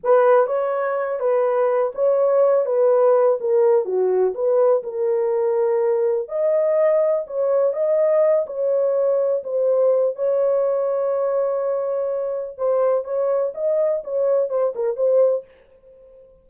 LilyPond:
\new Staff \with { instrumentName = "horn" } { \time 4/4 \tempo 4 = 124 b'4 cis''4. b'4. | cis''4. b'4. ais'4 | fis'4 b'4 ais'2~ | ais'4 dis''2 cis''4 |
dis''4. cis''2 c''8~ | c''4 cis''2.~ | cis''2 c''4 cis''4 | dis''4 cis''4 c''8 ais'8 c''4 | }